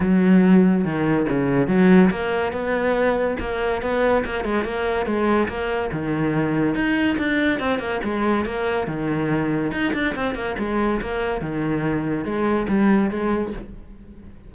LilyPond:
\new Staff \with { instrumentName = "cello" } { \time 4/4 \tempo 4 = 142 fis2 dis4 cis4 | fis4 ais4 b2 | ais4 b4 ais8 gis8 ais4 | gis4 ais4 dis2 |
dis'4 d'4 c'8 ais8 gis4 | ais4 dis2 dis'8 d'8 | c'8 ais8 gis4 ais4 dis4~ | dis4 gis4 g4 gis4 | }